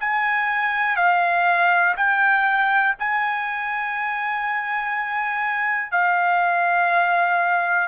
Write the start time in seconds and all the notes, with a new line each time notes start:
0.00 G#5
0.97 F5
1.97 G5
2.99 G#5
5.92 F5